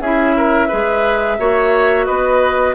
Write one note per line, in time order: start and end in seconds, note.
0.00 0.69 C#4
0.00 0.70 E4
0.00 0.36 G#4
0.00 2.06 E5
0.37 0.68 A#4
0.68 1.39 G#3
0.68 1.39 G#4
0.68 1.37 B4
1.39 2.08 A#3
1.39 2.75 F#4
1.39 2.06 C#5
2.06 2.75 B3
2.06 2.75 B4
2.06 2.75 D#5